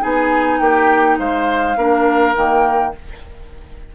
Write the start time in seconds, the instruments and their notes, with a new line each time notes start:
0.00 bassoon B3, clarinet D#4, oboe G#4, flute G#5
0.59 bassoon A#3, oboe G4, flute G5
1.19 bassoon G#3, oboe C5, flute F5
1.77 bassoon A#3, clarinet D4, oboe A#4
2.35 bassoon D#3, clarinet A#3, flute G5